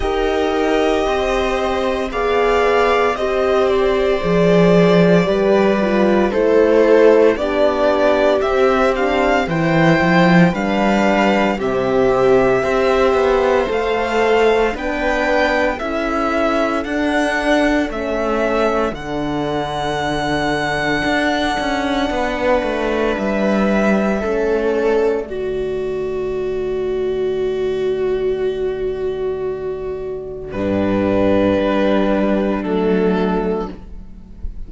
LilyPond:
<<
  \new Staff \with { instrumentName = "violin" } { \time 4/4 \tempo 4 = 57 dis''2 f''4 dis''8 d''8~ | d''2 c''4 d''4 | e''8 f''8 g''4 f''4 e''4~ | e''4 f''4 g''4 e''4 |
fis''4 e''4 fis''2~ | fis''2 e''4. d''8~ | d''1~ | d''4 b'2 a'4 | }
  \new Staff \with { instrumentName = "viola" } { \time 4/4 ais'4 c''4 d''4 c''4~ | c''4 b'4 a'4 g'4~ | g'4 c''4 b'4 g'4 | c''2 b'4 a'4~ |
a'1~ | a'4 b'2 a'4 | fis'1~ | fis'4 d'2. | }
  \new Staff \with { instrumentName = "horn" } { \time 4/4 g'2 gis'4 g'4 | gis'4 g'8 f'8 e'4 d'4 | c'8 d'8 e'4 d'4 c'4 | g'4 a'4 d'4 e'4 |
d'4 cis'4 d'2~ | d'2. cis'4 | a1~ | a4 g2 a4 | }
  \new Staff \with { instrumentName = "cello" } { \time 4/4 dis'4 c'4 b4 c'4 | f4 g4 a4 b4 | c'4 e8 f8 g4 c4 | c'8 b8 a4 b4 cis'4 |
d'4 a4 d2 | d'8 cis'8 b8 a8 g4 a4 | d1~ | d4 g,4 g4 fis4 | }
>>